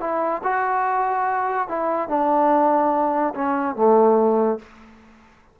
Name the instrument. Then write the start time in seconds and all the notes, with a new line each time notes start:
trombone
0.00 E4
0.44 F#4
1.68 E4
2.09 D4
3.35 C#4
3.76 A3